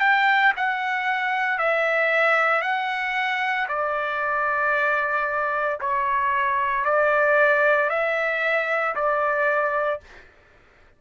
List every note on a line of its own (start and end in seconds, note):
0.00 0.53 G5
0.56 1.58 F#5
1.58 2.61 E5
2.61 3.67 F#5
3.68 5.79 D5
5.80 6.85 C#5
6.85 7.89 D5
7.89 8.95 E5
8.95 10.00 D5